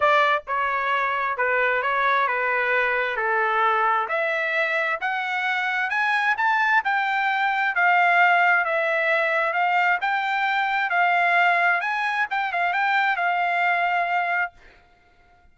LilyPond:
\new Staff \with { instrumentName = "trumpet" } { \time 4/4 \tempo 4 = 132 d''4 cis''2 b'4 | cis''4 b'2 a'4~ | a'4 e''2 fis''4~ | fis''4 gis''4 a''4 g''4~ |
g''4 f''2 e''4~ | e''4 f''4 g''2 | f''2 gis''4 g''8 f''8 | g''4 f''2. | }